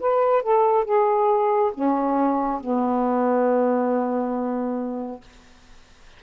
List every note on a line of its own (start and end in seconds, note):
0.00 0.43 B4
0.43 0.85 A4
0.85 1.72 G#4
1.74 2.61 C#4
2.61 5.22 B3